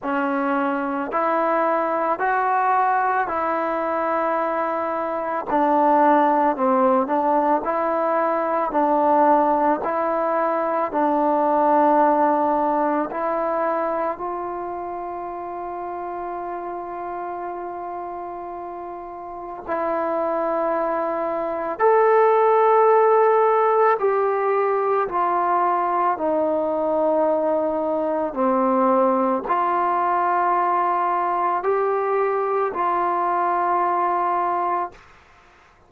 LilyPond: \new Staff \with { instrumentName = "trombone" } { \time 4/4 \tempo 4 = 55 cis'4 e'4 fis'4 e'4~ | e'4 d'4 c'8 d'8 e'4 | d'4 e'4 d'2 | e'4 f'2.~ |
f'2 e'2 | a'2 g'4 f'4 | dis'2 c'4 f'4~ | f'4 g'4 f'2 | }